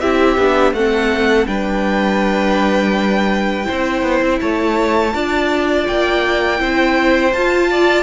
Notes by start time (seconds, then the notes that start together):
0.00 C4 E4 G4 E5
0.37 B3 D4
0.73 A3 C4 A4 F#5
1.46 G3 D4 B4 G5
3.64 E4 C5
3.71 C4
4.02 B3
4.21 C4
4.41 A3 C#5 A5
5.14 D4 F4 D5
5.87 A#3 G5
6.58 C4 E4 C5
7.33 F4 A5
7.70 D5